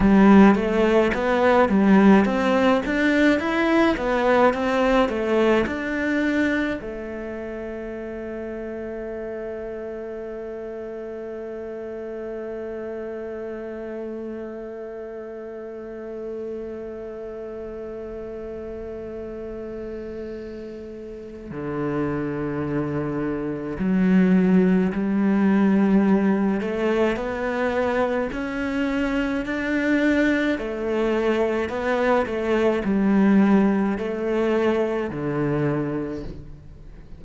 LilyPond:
\new Staff \with { instrumentName = "cello" } { \time 4/4 \tempo 4 = 53 g8 a8 b8 g8 c'8 d'8 e'8 b8 | c'8 a8 d'4 a2~ | a1~ | a1~ |
a2. d4~ | d4 fis4 g4. a8 | b4 cis'4 d'4 a4 | b8 a8 g4 a4 d4 | }